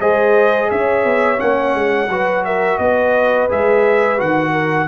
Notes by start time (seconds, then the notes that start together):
0.00 G#3 G#4 C5 D#5
0.70 C#4 C#5 E5
1.04 B3
1.37 A#3 C#4 F#5
1.75 G#3
2.08 F#3 F#4 B4
2.45 A#4 E5
2.78 B3 B4 D#5
3.49 G#3 G#4 E5
4.18 D#3 F#4 F#5
4.52 A#4